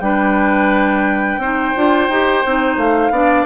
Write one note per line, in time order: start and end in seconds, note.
0.00 1.37 G3
0.00 1.41 D4
0.00 1.41 B4
0.00 2.76 G5
1.37 1.72 C4
1.37 1.75 D#4
1.37 3.12 C5
1.75 2.09 D4
1.75 2.10 F4
2.09 2.43 D#4
2.09 2.45 G4
2.46 2.76 C4
2.46 3.13 D#4
2.76 3.10 A3
2.76 3.45 F5
3.10 3.45 B3
3.10 3.45 D4
3.10 3.45 D5